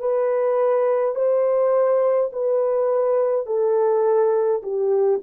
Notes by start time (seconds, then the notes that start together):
0.00 B4
1.15 C5
2.33 B4
3.47 A4
4.63 G4